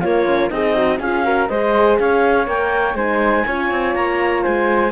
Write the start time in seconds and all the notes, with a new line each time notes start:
0.00 A#3 F4 C#5
0.26 C#4
0.49 C4 D#4 G#4 D#5
0.75 F#4
0.99 C#4 F4 G#4 F5
1.23 F#4 A#4
1.48 G#3 G#4 C5 D#5
1.98 C#4 C#5 F5
2.47 A#3 A#4 G5
2.94 G#3 D#4 C5 G#5
3.46 C#4 F4 C#5
3.70 C4
3.94 A#3 A#5
4.43 G#3 C5 G#5